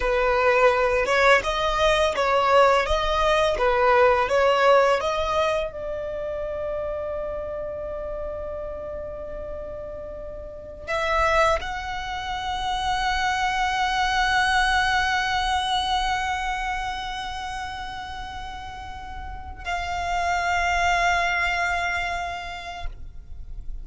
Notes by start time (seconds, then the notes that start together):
0.00 B4
1.05 C#5
1.43 D#5
2.15 C#5
2.86 D#5
3.58 B4
4.29 C#5
5.00 D#5
5.71 D5
10.87 E5
11.61 F#5
19.64 F5